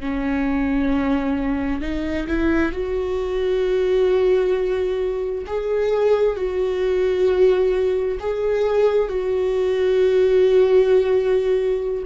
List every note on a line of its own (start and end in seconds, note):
0.00 1.81 C#4
1.81 2.27 D#4
2.27 2.72 E4
2.72 5.45 F#4
5.46 6.36 G#4
6.36 8.18 F#4
8.20 9.08 G#4
9.08 12.04 F#4